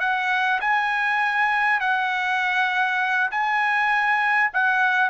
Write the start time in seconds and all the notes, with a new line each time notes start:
0.00 F#5
0.61 G#5
1.80 F#5
3.31 G#5
4.54 F#5